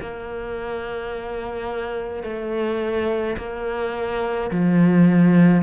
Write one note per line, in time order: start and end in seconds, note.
0.00 2.23 A#3
2.23 3.36 A3
3.37 4.50 A#3
4.50 5.62 F3